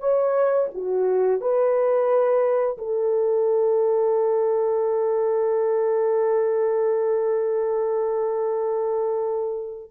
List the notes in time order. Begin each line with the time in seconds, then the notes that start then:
0.00 C#5
0.75 F#4
1.42 B4
2.78 A4